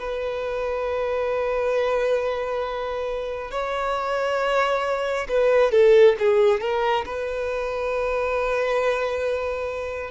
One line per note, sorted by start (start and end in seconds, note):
0.00 3.52 B4
3.52 5.28 C#5
5.29 5.72 B4
5.72 6.16 A4
6.20 6.61 G#4
6.61 7.05 A#4
7.06 10.11 B4